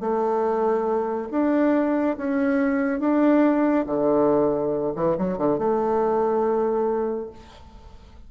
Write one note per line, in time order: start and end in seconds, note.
0.00 1.29 A3
1.31 2.16 D4
2.17 3.00 C#4
3.00 3.85 D4
3.86 4.93 D3
4.95 5.17 E3
5.18 5.38 F#3
5.38 5.58 D3
5.58 7.30 A3